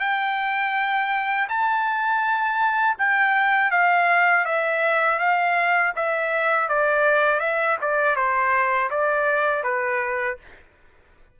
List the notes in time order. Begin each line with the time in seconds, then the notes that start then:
0.00 G5
1.49 A5
2.98 G5
3.71 F5
4.45 E5
5.20 F5
5.96 E5
6.69 D5
7.40 E5
7.81 D5
8.16 C5
8.90 D5
9.64 B4